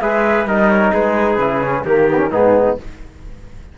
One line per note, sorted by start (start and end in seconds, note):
0.00 0.45 G#3
0.00 0.47 G#4
0.00 0.47 B4
0.00 0.46 E5
0.45 0.91 G3
0.45 1.40 D#4
0.45 0.92 A#4
0.45 0.69 D#5
0.69 0.92 C#5
0.92 1.37 G#3
0.92 1.85 G#4
0.92 1.85 B4
1.37 1.83 C#3
1.37 1.62 E4
1.62 1.85 C#4
1.84 2.30 D#3
1.84 2.09 A#3
1.84 2.31 G4
1.84 2.32 A#4
2.09 2.18 B3
2.18 2.29 C#4
2.31 2.77 G#2
2.31 2.77 B3
2.31 2.77 D#4
2.31 2.78 G#4